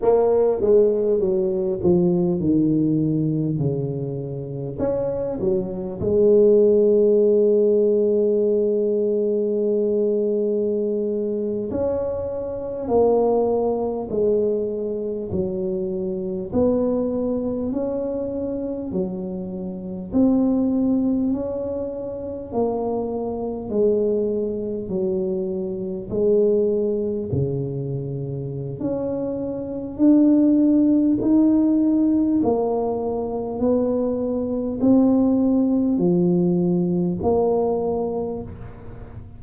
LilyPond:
\new Staff \with { instrumentName = "tuba" } { \time 4/4 \tempo 4 = 50 ais8 gis8 fis8 f8 dis4 cis4 | cis'8 fis8 gis2.~ | gis4.~ gis16 cis'4 ais4 gis16~ | gis8. fis4 b4 cis'4 fis16~ |
fis8. c'4 cis'4 ais4 gis16~ | gis8. fis4 gis4 cis4~ cis16 | cis'4 d'4 dis'4 ais4 | b4 c'4 f4 ais4 | }